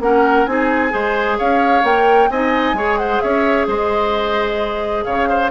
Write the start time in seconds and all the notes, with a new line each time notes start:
0.00 A#3 C#4 A#4 F#5
0.45 C4 D#4 G#4 G#5
0.90 G#3 G#4 C5
1.38 C#4 C#5 F5
1.83 A#3 A#4 G5
2.30 C4 D#4 D#5 G#5
2.73 G#3 G#4 C#5
2.98 C5 F#5
3.20 C#4 C#5 E5
3.67 G#3 C5 D#5
5.04 C#3 C#5 F5
5.29 C5